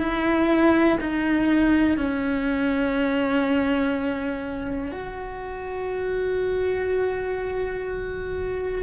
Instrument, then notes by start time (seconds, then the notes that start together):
cello
0.00 E4
1.01 D#4
1.98 C#4
4.92 F#4